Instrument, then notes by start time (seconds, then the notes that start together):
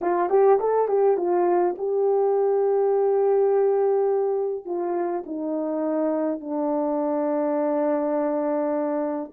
horn
0.01 F4
0.29 G4
0.59 A4
0.88 G4
1.17 F4
1.78 G4
4.65 F4
5.26 D#4
6.40 D4